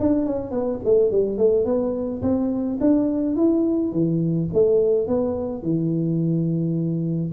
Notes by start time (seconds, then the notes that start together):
0.00 D4
0.26 C#4
0.51 B3
0.85 A3
1.11 G3
1.38 A3
1.65 B3
2.22 C4
2.80 D4
3.36 E4
3.92 E3
4.53 A3
5.08 B3
5.62 E3